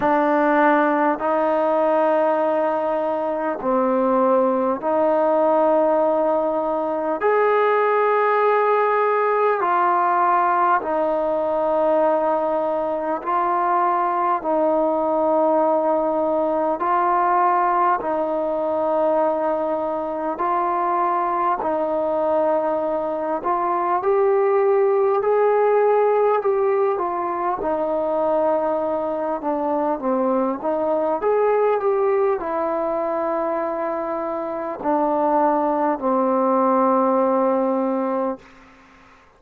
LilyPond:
\new Staff \with { instrumentName = "trombone" } { \time 4/4 \tempo 4 = 50 d'4 dis'2 c'4 | dis'2 gis'2 | f'4 dis'2 f'4 | dis'2 f'4 dis'4~ |
dis'4 f'4 dis'4. f'8 | g'4 gis'4 g'8 f'8 dis'4~ | dis'8 d'8 c'8 dis'8 gis'8 g'8 e'4~ | e'4 d'4 c'2 | }